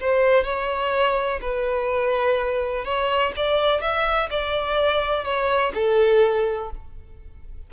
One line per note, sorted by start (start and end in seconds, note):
0.00 0.44 C5
0.44 1.40 C#5
1.41 2.85 B4
2.85 3.33 C#5
3.36 3.81 D5
3.81 4.29 E5
4.30 5.24 D5
5.24 5.72 C#5
5.74 6.70 A4